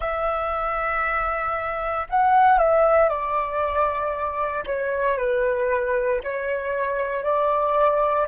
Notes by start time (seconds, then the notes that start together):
0.00 E5
2.09 F#5
2.58 E5
3.09 D5
4.66 C#5
5.17 B4
6.24 C#5
7.23 D5